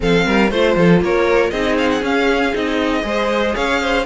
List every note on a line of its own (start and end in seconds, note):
0.00 0.26 F3
0.00 0.48 C4
0.00 0.26 A4
0.00 0.50 F5
0.26 0.51 G3
0.26 0.50 A#4
0.50 0.76 A3
0.50 1.54 F4
0.50 1.01 C5
0.50 0.76 C5
0.76 1.01 F3
0.76 1.03 A4
1.01 1.51 A#3
1.01 1.51 A#4
1.01 1.50 C#5
1.50 2.02 C4
1.50 2.01 D#4
1.50 3.04 G#4
1.50 1.76 D#5
1.77 1.89 F5
1.89 2.02 F#5
2.01 2.52 C#4
2.01 2.53 C#4
2.01 2.55 F5
2.53 3.03 C4
2.53 3.02 D#4
2.53 3.55 D#5
3.02 3.54 G#3
3.02 4.03 G#4
3.02 3.55 C5
3.55 4.06 C#4
3.55 3.80 C#5
3.55 4.06 F5
3.81 4.06 C5